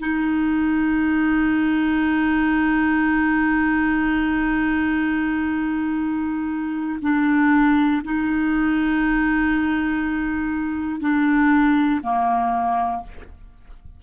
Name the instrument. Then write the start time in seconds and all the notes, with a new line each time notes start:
clarinet
0.00 D#4
7.03 D4
8.05 D#4
11.01 D4
12.03 A#3